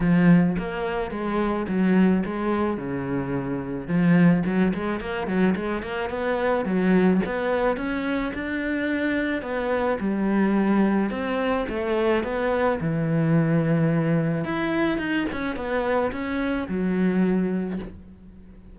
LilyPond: \new Staff \with { instrumentName = "cello" } { \time 4/4 \tempo 4 = 108 f4 ais4 gis4 fis4 | gis4 cis2 f4 | fis8 gis8 ais8 fis8 gis8 ais8 b4 | fis4 b4 cis'4 d'4~ |
d'4 b4 g2 | c'4 a4 b4 e4~ | e2 e'4 dis'8 cis'8 | b4 cis'4 fis2 | }